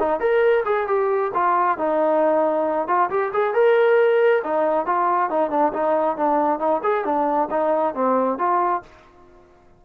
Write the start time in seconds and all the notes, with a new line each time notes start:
0.00 D#4
0.20 A#4
0.65 G#4
0.87 G4
1.34 F4
1.78 D#4
2.88 F4
3.10 G4
3.33 G#4
3.54 A#4
4.44 D#4
4.86 F4
5.30 D#4
5.50 D4
5.74 D#4
6.17 D4
6.59 D#4
6.83 G#4
7.05 D4
7.51 D#4
7.95 C4
8.38 F4